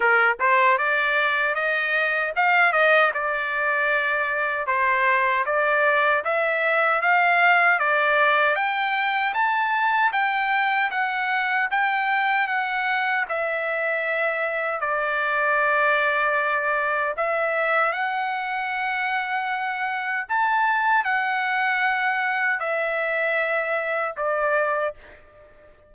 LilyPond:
\new Staff \with { instrumentName = "trumpet" } { \time 4/4 \tempo 4 = 77 ais'8 c''8 d''4 dis''4 f''8 dis''8 | d''2 c''4 d''4 | e''4 f''4 d''4 g''4 | a''4 g''4 fis''4 g''4 |
fis''4 e''2 d''4~ | d''2 e''4 fis''4~ | fis''2 a''4 fis''4~ | fis''4 e''2 d''4 | }